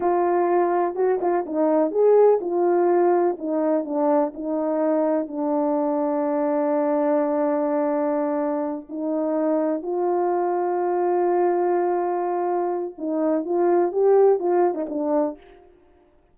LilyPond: \new Staff \with { instrumentName = "horn" } { \time 4/4 \tempo 4 = 125 f'2 fis'8 f'8 dis'4 | gis'4 f'2 dis'4 | d'4 dis'2 d'4~ | d'1~ |
d'2~ d'8 dis'4.~ | dis'8 f'2.~ f'8~ | f'2. dis'4 | f'4 g'4 f'8. dis'16 d'4 | }